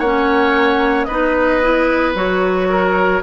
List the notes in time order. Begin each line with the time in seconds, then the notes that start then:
0.00 A#3 C#4 C#5 F#5
1.05 B3 B4 D#5
1.11 D#4
1.63 E4
2.15 F#3 F#4 C#5
2.70 A#4